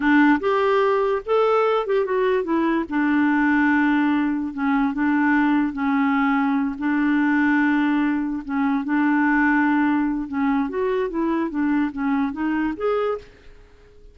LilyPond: \new Staff \with { instrumentName = "clarinet" } { \time 4/4 \tempo 4 = 146 d'4 g'2 a'4~ | a'8 g'8 fis'4 e'4 d'4~ | d'2. cis'4 | d'2 cis'2~ |
cis'8 d'2.~ d'8~ | d'8 cis'4 d'2~ d'8~ | d'4 cis'4 fis'4 e'4 | d'4 cis'4 dis'4 gis'4 | }